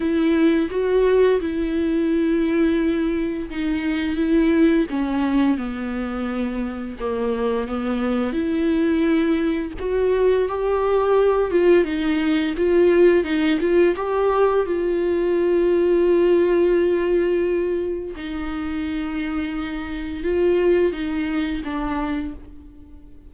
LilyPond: \new Staff \with { instrumentName = "viola" } { \time 4/4 \tempo 4 = 86 e'4 fis'4 e'2~ | e'4 dis'4 e'4 cis'4 | b2 ais4 b4 | e'2 fis'4 g'4~ |
g'8 f'8 dis'4 f'4 dis'8 f'8 | g'4 f'2.~ | f'2 dis'2~ | dis'4 f'4 dis'4 d'4 | }